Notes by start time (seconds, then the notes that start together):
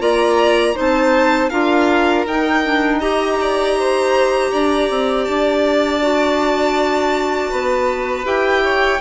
0.00 A#3 F4 D5 A#5
0.75 C4 D#4 C5 A5
1.50 D4 F4 A#4 F5
2.27 D#4 G5
2.65 D4
2.99 G4 D#5 A#5
3.41 D5
3.79 C5
4.52 D4 D5
4.90 C4
5.25 D4 A5
6.02 F#4
7.51 B3 B4
8.24 E4 G4 G5
8.64 C#5